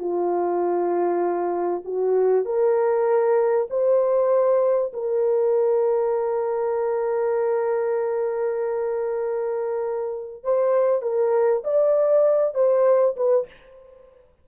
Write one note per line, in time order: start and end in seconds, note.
0.00 1.84 F4
1.85 2.46 F#4
2.46 3.68 A#4
3.70 4.93 C5
4.94 10.44 A#4
10.44 11.02 C5
11.02 11.64 A#4
11.65 12.55 D5
12.55 13.16 C5
13.17 13.47 B4